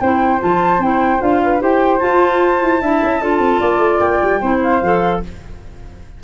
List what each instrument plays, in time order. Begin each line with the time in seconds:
0.00 tuba C4, clarinet E4, flute C5 G5
0.40 tuba F3, clarinet F4, flute A5
0.79 tuba C4, clarinet E4, flute G5
1.20 tuba D4, clarinet F4, flute F5
1.43 flute B4
1.60 tuba E4, clarinet G4, flute C5 G5
1.99 clarinet F4, tuba F4, flute A5
2.62 tuba E4
2.81 tuba D4, clarinet E4, flute E5
3.03 tuba C#4
3.21 tuba D4, clarinet F4, flute A4
3.39 tuba C4
3.60 tuba A#3, flute D5
3.78 tuba A3
3.99 tuba A#3, flute G5
4.23 tuba G3
4.41 tuba C4, clarinet E4, flute C5
4.63 flute F5
4.82 tuba F3, clarinet A4